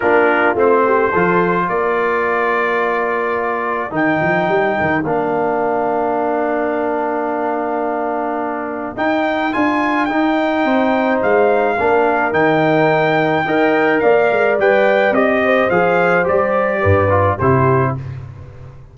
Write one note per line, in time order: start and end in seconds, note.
0.00 0.55 A#3
0.00 0.55 D4
0.00 0.84 F4
0.00 0.55 A#4
0.55 1.11 A3
0.55 1.12 C4
0.55 1.69 C5
0.85 1.11 G4
1.11 1.68 F3
1.11 3.90 F4
1.11 1.67 A4
1.67 3.91 A#3
1.67 10.64 A#4
1.67 3.93 D5
3.90 4.19 D#3
3.90 5.02 D#4
3.90 5.04 G5
4.21 4.48 F3
4.48 4.76 G3
4.80 5.03 D#3
5.03 8.95 A#3
5.03 8.96 D4
5.03 8.97 F5
8.96 9.52 D#4
8.96 9.53 G5
9.52 10.09 D4
9.52 10.08 F4
9.52 10.05 G#5
10.05 11.77 D#4
10.05 10.64 D#4
10.05 11.18 G5
10.64 11.20 C4
10.64 11.76 C5
11.22 11.78 G#3
11.22 12.33 F5
11.79 12.32 A#3
11.79 12.32 D4
11.79 13.45 A#4
12.32 13.44 D#3
12.32 13.44 D#4
12.32 13.99 G5
13.45 14.01 D#4
13.45 14.59 A#4
13.45 14.01 D#5
13.99 14.30 A#3
13.99 15.42 D5
13.99 14.55 F5
14.30 14.58 G#3
14.58 15.11 G3
14.58 15.14 B4
14.58 15.14 G5
15.11 15.67 C4
15.11 15.70 G4
15.11 15.70 D#5
15.44 16.81 C5
15.70 16.26 F3
15.70 16.23 G#4
15.70 16.26 F5
16.23 16.83 G3
16.23 17.08 G4
16.23 17.38 D5
16.81 17.39 G2
16.81 17.37 B4
17.09 17.37 F4
17.37 17.96 C3
17.37 17.97 E4
17.37 17.93 G4
17.37 17.95 C5